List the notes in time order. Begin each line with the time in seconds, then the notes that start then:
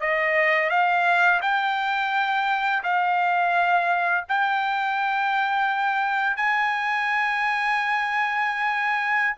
0.00 D#5
0.70 F5
1.41 G5
2.83 F5
4.29 G5
6.37 G#5